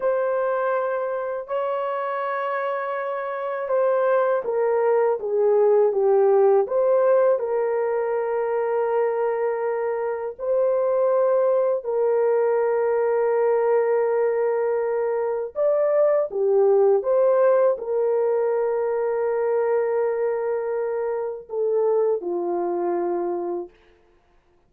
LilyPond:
\new Staff \with { instrumentName = "horn" } { \time 4/4 \tempo 4 = 81 c''2 cis''2~ | cis''4 c''4 ais'4 gis'4 | g'4 c''4 ais'2~ | ais'2 c''2 |
ais'1~ | ais'4 d''4 g'4 c''4 | ais'1~ | ais'4 a'4 f'2 | }